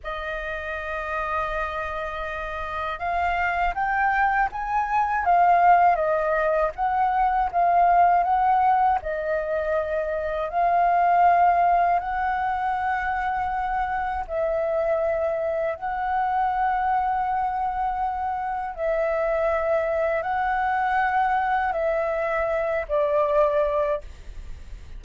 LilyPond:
\new Staff \with { instrumentName = "flute" } { \time 4/4 \tempo 4 = 80 dis''1 | f''4 g''4 gis''4 f''4 | dis''4 fis''4 f''4 fis''4 | dis''2 f''2 |
fis''2. e''4~ | e''4 fis''2.~ | fis''4 e''2 fis''4~ | fis''4 e''4. d''4. | }